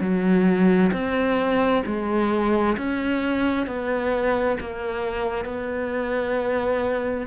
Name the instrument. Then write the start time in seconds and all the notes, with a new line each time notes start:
cello
0.00 F#3
0.92 C4
1.86 G#3
2.77 C#4
3.66 B3
4.60 A#3
5.45 B3